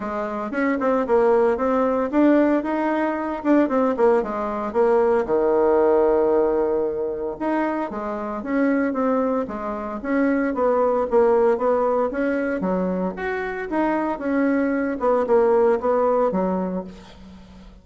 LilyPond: \new Staff \with { instrumentName = "bassoon" } { \time 4/4 \tempo 4 = 114 gis4 cis'8 c'8 ais4 c'4 | d'4 dis'4. d'8 c'8 ais8 | gis4 ais4 dis2~ | dis2 dis'4 gis4 |
cis'4 c'4 gis4 cis'4 | b4 ais4 b4 cis'4 | fis4 fis'4 dis'4 cis'4~ | cis'8 b8 ais4 b4 fis4 | }